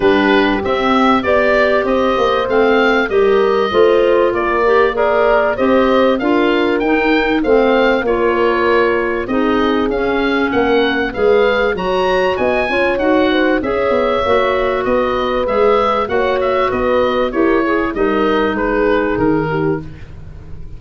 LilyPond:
<<
  \new Staff \with { instrumentName = "oboe" } { \time 4/4 \tempo 4 = 97 b'4 e''4 d''4 dis''4 | f''4 dis''2 d''4 | ais'4 dis''4 f''4 g''4 | f''4 cis''2 dis''4 |
f''4 fis''4 f''4 ais''4 | gis''4 fis''4 e''2 | dis''4 e''4 fis''8 e''8 dis''4 | cis''4 dis''4 b'4 ais'4 | }
  \new Staff \with { instrumentName = "horn" } { \time 4/4 g'2 d''4 c''4~ | c''4 ais'4 c''4 ais'4 | d''4 c''4 ais'2 | c''4 ais'2 gis'4~ |
gis'4 ais'4 b'4 cis''4 | dis''8 cis''4 c''8 cis''2 | b'2 cis''4 b'4 | ais'8 gis'8 ais'4 gis'4. g'8 | }
  \new Staff \with { instrumentName = "clarinet" } { \time 4/4 d'4 c'4 g'2 | c'4 g'4 f'4. g'8 | gis'4 g'4 f'4 dis'4 | c'4 f'2 dis'4 |
cis'2 gis'4 fis'4~ | fis'8 f'8 fis'4 gis'4 fis'4~ | fis'4 gis'4 fis'2 | g'8 gis'8 dis'2. | }
  \new Staff \with { instrumentName = "tuba" } { \time 4/4 g4 c'4 b4 c'8 ais8 | a4 g4 a4 ais4~ | ais4 c'4 d'4 dis'4 | a4 ais2 c'4 |
cis'4 ais4 gis4 fis4 | b8 cis'8 dis'4 cis'8 b8 ais4 | b4 gis4 ais4 b4 | e'4 g4 gis4 dis4 | }
>>